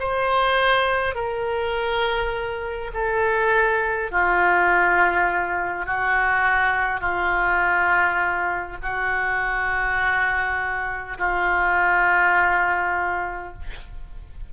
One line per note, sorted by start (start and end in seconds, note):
0.00 1.15 C5
1.15 2.91 A#4
2.94 4.11 A4
4.11 5.86 F4
5.86 7.01 F#4
7.01 8.77 F4
8.82 11.18 F#4
11.18 13.53 F4